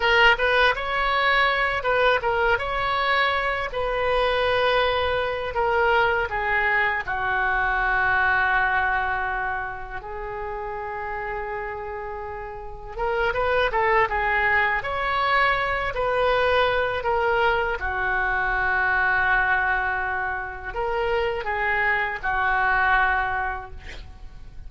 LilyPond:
\new Staff \with { instrumentName = "oboe" } { \time 4/4 \tempo 4 = 81 ais'8 b'8 cis''4. b'8 ais'8 cis''8~ | cis''4 b'2~ b'8 ais'8~ | ais'8 gis'4 fis'2~ fis'8~ | fis'4. gis'2~ gis'8~ |
gis'4. ais'8 b'8 a'8 gis'4 | cis''4. b'4. ais'4 | fis'1 | ais'4 gis'4 fis'2 | }